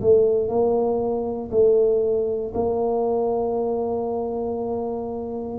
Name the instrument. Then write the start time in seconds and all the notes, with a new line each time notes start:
tuba
0.00 A3
0.48 A#3
1.51 A3
2.54 A#3